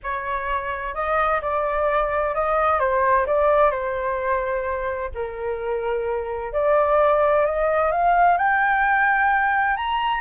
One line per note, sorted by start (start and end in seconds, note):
0.03 0.94 C#5
0.94 1.40 D#5
1.41 2.34 D5
2.35 2.79 D#5
2.79 3.26 C5
3.26 3.70 D5
3.70 5.10 C5
5.14 6.52 A#4
6.52 7.45 D5
7.45 7.91 D#5
7.91 8.37 F5
8.37 9.76 G5
9.76 10.20 A#5